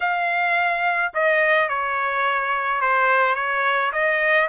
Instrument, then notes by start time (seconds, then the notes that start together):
trumpet
0.00 F5
1.13 D#5
1.68 C#5
2.81 C5
3.35 C#5
3.92 D#5